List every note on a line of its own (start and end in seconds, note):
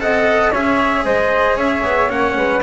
0.00 0.53 C4
0.00 0.52 A4
0.00 0.52 D#5
0.00 0.53 F#5
0.52 1.05 C#4
0.52 2.10 G#4
0.52 1.04 C#5
0.52 1.06 E5
1.05 1.57 G#3
1.05 1.57 C5
1.05 1.58 D#5
1.57 1.83 C#4
1.57 2.36 C#5
1.57 2.11 E5
1.85 2.11 B3
2.10 2.37 A#3
2.10 2.62 C#4
2.10 2.63 F#5
2.37 2.63 G#3
2.37 2.63 B4